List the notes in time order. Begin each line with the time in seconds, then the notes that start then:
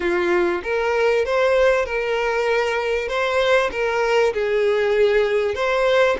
0.00 F4
0.63 A#4
1.25 C5
1.85 A#4
3.08 C5
3.71 A#4
4.33 G#4
5.54 C5